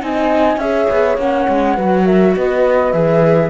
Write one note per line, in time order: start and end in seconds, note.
0.00 0.57 C4
0.00 0.58 D#4
0.00 0.61 D#5
0.00 0.59 G#5
0.57 0.87 C#4
0.57 1.19 G#4
0.57 1.75 C#5
0.57 1.17 E5
0.90 1.17 B3
1.17 1.47 A#3
1.17 1.77 C#4
1.17 2.06 F#5
1.49 1.78 G#3
1.75 2.36 F#3
1.75 2.94 F#4
1.75 2.04 B4
2.05 2.34 A#4
2.05 2.35 E5
2.36 2.93 B3
2.36 3.50 B4
2.36 2.92 D#5
2.92 3.50 E3
2.92 3.50 G#4
2.92 3.50 E5